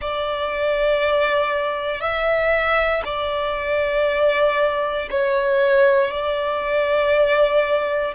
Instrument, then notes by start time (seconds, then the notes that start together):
violin
0.00 D5
2.01 E5
3.05 D5
5.10 C#5
6.11 D5